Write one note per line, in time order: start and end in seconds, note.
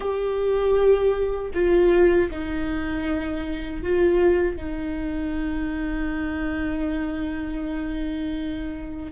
0.00 1.51 G4
1.54 2.30 F4
2.30 3.82 D#4
3.82 4.56 F4
4.56 9.11 D#4